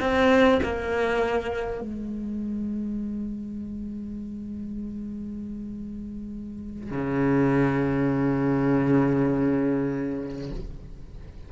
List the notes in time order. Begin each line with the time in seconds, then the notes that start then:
0.00 C4
0.62 A#3
1.81 G#3
6.91 C#3